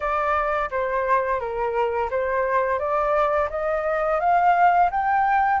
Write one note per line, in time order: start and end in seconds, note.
0.00 0.69 D5
0.70 1.40 C5
1.40 2.09 A#4
2.10 2.79 C5
2.79 3.49 D5
3.50 4.20 D#5
4.20 4.90 F5
4.91 5.60 G5